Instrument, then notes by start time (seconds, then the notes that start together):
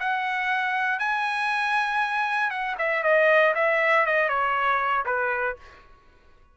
trumpet
0.00 F#5
0.99 G#5
2.51 F#5
2.79 E5
3.04 D#5
3.55 E5
4.06 D#5
4.29 C#5
5.06 B4